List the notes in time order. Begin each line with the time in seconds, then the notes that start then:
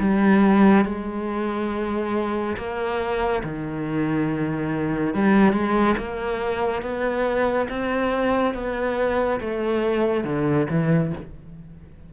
0.00 G3
0.86 G#3
2.58 A#3
3.44 D#3
5.15 G3
5.53 G#3
5.98 A#3
6.83 B3
7.70 C4
8.54 B3
9.41 A3
10.25 D3
10.70 E3